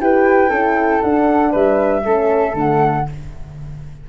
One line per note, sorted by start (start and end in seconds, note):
0.00 0.50 E4
0.00 0.51 G4
0.00 0.50 B4
0.00 1.02 G5
0.50 1.01 C#4
0.50 1.03 E4
0.50 1.51 A4
1.02 1.54 D4
1.02 2.05 D4
1.02 1.53 F#5
1.51 2.05 G3
1.51 2.02 B4
1.51 2.57 E5
2.05 2.54 A3
2.05 2.54 C#4
2.05 3.07 A4
2.54 3.05 D3
2.54 3.05 A3
2.54 3.09 F#5